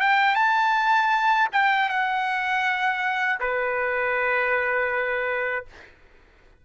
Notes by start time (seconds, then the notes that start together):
0.00 G5
0.35 A5
1.52 G5
1.89 F#5
3.40 B4